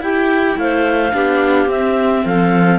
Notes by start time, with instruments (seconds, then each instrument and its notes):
0.00 viola E4, cello E4, clarinet G4 G5
0.57 cello A3, clarinet C5 F5
1.12 cello B3, viola D4, clarinet G4
1.67 cello C4, viola C4, clarinet E5
2.25 cello F3, clarinet A4 F5